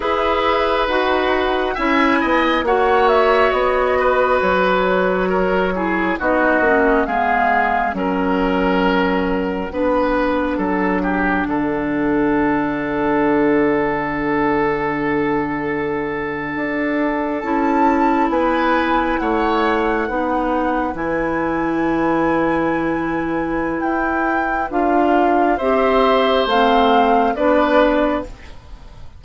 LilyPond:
<<
  \new Staff \with { instrumentName = "flute" } { \time 4/4 \tempo 4 = 68 e''4 fis''4 gis''4 fis''8 e''8 | dis''4 cis''2 dis''4 | f''4 fis''2.~ | fis''1~ |
fis''2.~ fis''8. a''16~ | a''8. gis''4 fis''2 gis''16~ | gis''2. g''4 | f''4 e''4 f''4 d''4 | }
  \new Staff \with { instrumentName = "oboe" } { \time 4/4 b'2 e''8 dis''8 cis''4~ | cis''8 b'4. ais'8 gis'8 fis'4 | gis'4 ais'2 b'4 | a'8 g'8 a'2.~ |
a'1~ | a'8. b'4 cis''4 b'4~ b'16~ | b'1~ | b'4 c''2 b'4 | }
  \new Staff \with { instrumentName = "clarinet" } { \time 4/4 gis'4 fis'4 e'4 fis'4~ | fis'2~ fis'8 e'8 dis'8 cis'8 | b4 cis'2 d'4~ | d'1~ |
d'2.~ d'8. e'16~ | e'2~ e'8. dis'4 e'16~ | e'1 | f'4 g'4 c'4 d'4 | }
  \new Staff \with { instrumentName = "bassoon" } { \time 4/4 e'4 dis'4 cis'8 b8 ais4 | b4 fis2 b8 ais8 | gis4 fis2 b4 | fis4 d2.~ |
d2~ d8. d'4 cis'16~ | cis'8. b4 a4 b4 e16~ | e2. e'4 | d'4 c'4 a4 b4 | }
>>